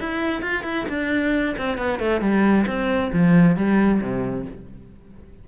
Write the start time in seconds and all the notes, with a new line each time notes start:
0.00 E4
0.42 F4
0.64 E4
0.89 D4
1.58 C4
1.78 B3
1.99 A3
2.21 G3
2.67 C4
3.13 F3
3.57 G3
4.01 C3